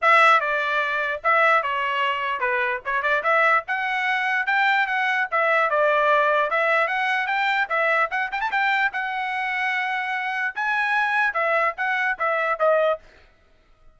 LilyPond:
\new Staff \with { instrumentName = "trumpet" } { \time 4/4 \tempo 4 = 148 e''4 d''2 e''4 | cis''2 b'4 cis''8 d''8 | e''4 fis''2 g''4 | fis''4 e''4 d''2 |
e''4 fis''4 g''4 e''4 | fis''8 g''16 a''16 g''4 fis''2~ | fis''2 gis''2 | e''4 fis''4 e''4 dis''4 | }